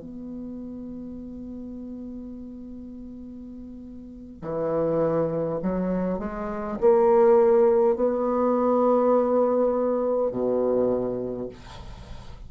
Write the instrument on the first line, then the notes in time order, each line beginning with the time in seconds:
bassoon
0.00 B3
4.41 E3
5.62 F#3
6.18 G#3
6.80 A#3
7.95 B3
10.30 B2